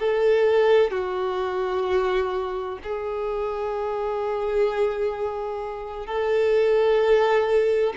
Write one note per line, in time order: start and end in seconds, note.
0.00 0.91 A4
0.91 2.79 F#4
2.83 6.06 G#4
6.06 7.94 A4